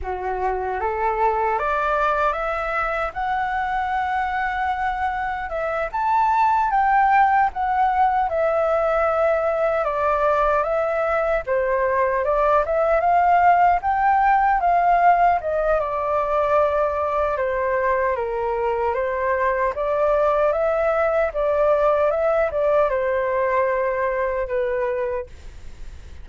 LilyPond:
\new Staff \with { instrumentName = "flute" } { \time 4/4 \tempo 4 = 76 fis'4 a'4 d''4 e''4 | fis''2. e''8 a''8~ | a''8 g''4 fis''4 e''4.~ | e''8 d''4 e''4 c''4 d''8 |
e''8 f''4 g''4 f''4 dis''8 | d''2 c''4 ais'4 | c''4 d''4 e''4 d''4 | e''8 d''8 c''2 b'4 | }